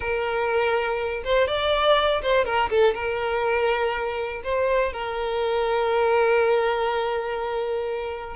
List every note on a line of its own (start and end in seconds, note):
0.00 1.23 A#4
1.23 1.47 C5
1.47 2.21 D5
2.22 2.45 C5
2.45 2.69 A#4
2.70 2.94 A4
2.94 4.42 A#4
4.43 4.92 C5
4.92 8.36 A#4